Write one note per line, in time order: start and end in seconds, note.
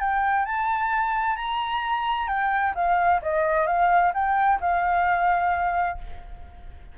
0.00 0.45 G5
0.45 1.36 A5
1.36 2.27 A#5
2.27 2.73 G5
2.75 3.21 F5
3.22 3.67 D#5
3.67 4.12 F5
4.14 4.59 G5
4.60 5.98 F5